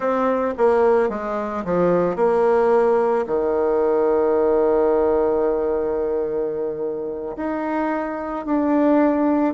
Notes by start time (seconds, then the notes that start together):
0.00 C4
0.57 A#3
1.09 G#3
1.64 F3
2.16 A#3
3.27 D#3
7.36 D#4
8.45 D4